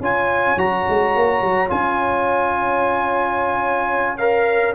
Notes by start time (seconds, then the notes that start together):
0.00 C#4 F4 C#5 G#5
0.56 F#3 F#4 A#5
0.89 G#3
1.16 A#3
1.42 F#3
1.68 C#4 F4 G#5
4.18 A#4 F5